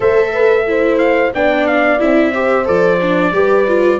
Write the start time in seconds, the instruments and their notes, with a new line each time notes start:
0.00 tuba A3, viola A4, horn C5, trumpet E5
0.32 horn B4
0.66 viola E4, horn C5
0.98 trumpet F5
1.34 tuba B3, viola D4, horn D5, trumpet G5
1.66 trumpet F5
1.98 tuba C4, viola E4, trumpet E5
2.31 viola G4, horn C5
2.65 tuba F3, viola A4, trumpet D5
3.01 viola D4
3.31 tuba G3, viola G4, horn B4
3.67 viola F4